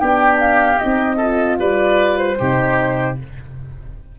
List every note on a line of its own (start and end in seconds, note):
0.00 0.80 B3
0.00 0.79 D4
0.00 1.17 G4
0.00 0.39 G5
0.40 0.79 F5
0.79 1.59 C4
0.79 1.21 D#4
0.79 1.58 D#5
1.17 2.39 F4
1.17 1.56 A4
1.59 2.38 G3
1.59 2.39 B4
1.59 2.18 D5
2.18 3.17 C5
2.39 3.20 C3
2.39 3.18 D#4
2.39 3.18 G4